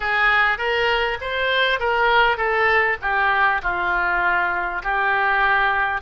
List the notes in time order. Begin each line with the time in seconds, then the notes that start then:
0.00 G#4
0.58 A#4
1.20 C5
1.79 A#4
2.37 A4
3.01 G4
3.62 F4
4.83 G4